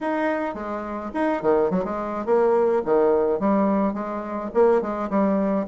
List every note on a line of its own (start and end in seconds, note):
0.00 0.54 D#4
0.54 1.10 G#3
1.13 1.42 D#4
1.42 1.70 D#3
1.70 1.84 F#3
1.84 2.25 G#3
2.25 2.82 A#3
2.85 3.39 D#3
3.39 3.93 G3
3.93 4.50 G#3
4.53 4.81 A#3
4.81 5.09 G#3
5.09 5.66 G3